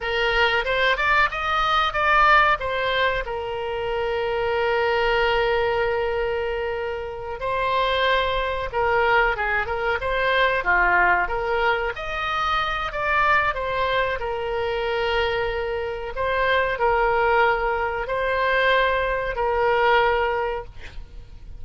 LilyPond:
\new Staff \with { instrumentName = "oboe" } { \time 4/4 \tempo 4 = 93 ais'4 c''8 d''8 dis''4 d''4 | c''4 ais'2.~ | ais'2.~ ais'8 c''8~ | c''4. ais'4 gis'8 ais'8 c''8~ |
c''8 f'4 ais'4 dis''4. | d''4 c''4 ais'2~ | ais'4 c''4 ais'2 | c''2 ais'2 | }